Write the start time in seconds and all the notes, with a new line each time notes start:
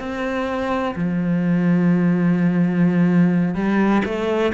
0.00 C4
0.96 F3
3.55 G3
4.06 A3